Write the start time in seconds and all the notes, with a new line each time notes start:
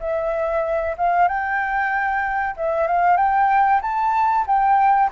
0.00 E5
0.97 F5
1.28 G5
2.57 E5
2.87 F5
3.17 G5
3.82 A5
4.47 G5